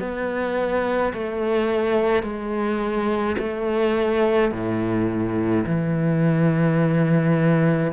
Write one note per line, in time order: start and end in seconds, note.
0.00 1.13 B3
1.14 2.23 A3
2.23 3.37 G#3
3.39 4.52 A3
4.52 5.65 A2
5.66 7.92 E3